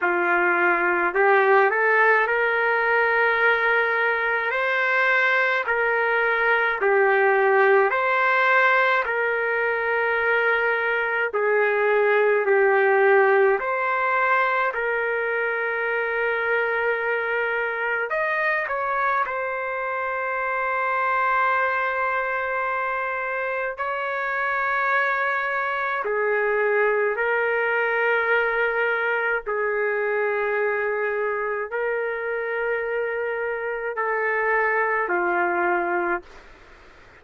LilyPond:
\new Staff \with { instrumentName = "trumpet" } { \time 4/4 \tempo 4 = 53 f'4 g'8 a'8 ais'2 | c''4 ais'4 g'4 c''4 | ais'2 gis'4 g'4 | c''4 ais'2. |
dis''8 cis''8 c''2.~ | c''4 cis''2 gis'4 | ais'2 gis'2 | ais'2 a'4 f'4 | }